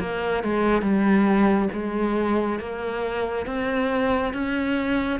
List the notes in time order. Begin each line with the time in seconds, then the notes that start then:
0.00 A#3
0.43 G#3
0.82 G3
1.73 G#3
2.59 A#3
3.46 C4
4.33 C#4